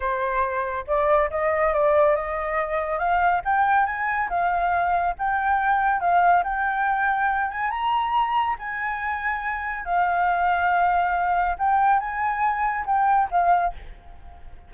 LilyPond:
\new Staff \with { instrumentName = "flute" } { \time 4/4 \tempo 4 = 140 c''2 d''4 dis''4 | d''4 dis''2 f''4 | g''4 gis''4 f''2 | g''2 f''4 g''4~ |
g''4. gis''8 ais''2 | gis''2. f''4~ | f''2. g''4 | gis''2 g''4 f''4 | }